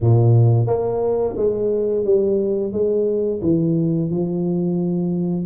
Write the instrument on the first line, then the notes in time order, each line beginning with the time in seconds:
tuba
0.00 A#2
0.67 A#3
1.36 G#3
2.04 G3
2.72 G#3
3.42 E3
4.10 F3